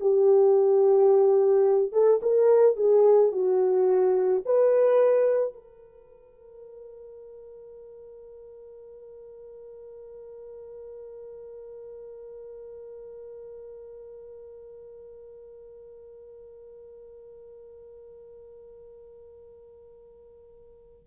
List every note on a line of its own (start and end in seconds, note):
0.00 1.92 G4
1.92 2.20 A4
2.22 2.76 A#4
2.76 3.32 G#4
3.32 4.43 F#4
4.45 5.54 B4
5.54 21.07 A#4